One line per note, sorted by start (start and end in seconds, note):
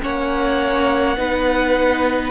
0.00 1.17 A#3
0.00 1.15 C#4
0.00 1.18 C#5
0.00 2.31 F#5
1.17 2.31 B3
1.17 2.31 D#4
1.17 2.31 B4